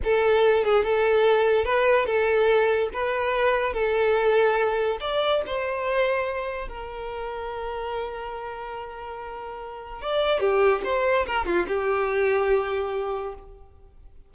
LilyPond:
\new Staff \with { instrumentName = "violin" } { \time 4/4 \tempo 4 = 144 a'4. gis'8 a'2 | b'4 a'2 b'4~ | b'4 a'2. | d''4 c''2. |
ais'1~ | ais'1 | d''4 g'4 c''4 ais'8 f'8 | g'1 | }